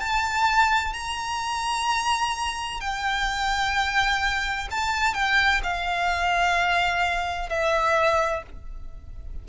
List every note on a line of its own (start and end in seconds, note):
0.00 0.93 A5
0.93 2.80 A#5
2.80 4.68 G5
4.71 5.14 A5
5.14 5.61 G5
5.63 7.49 F5
7.49 8.43 E5